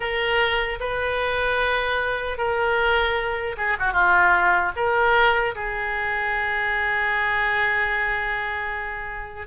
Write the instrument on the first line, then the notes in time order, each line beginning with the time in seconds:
oboe
0.00 A#4
0.80 B4
2.37 A#4
3.57 G#4
3.79 F#4
3.93 F4
4.75 A#4
5.55 G#4